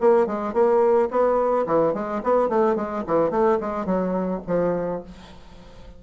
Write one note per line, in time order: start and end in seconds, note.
0.00 0.26 A#3
0.26 0.53 G#3
0.53 1.08 A#3
1.10 1.66 B3
1.66 1.93 E3
1.93 2.21 G#3
2.23 2.48 B3
2.48 2.75 A3
2.75 3.03 G#3
3.07 3.30 E3
3.30 3.58 A3
3.60 3.86 G#3
3.86 4.41 F#3
4.46 5.02 F3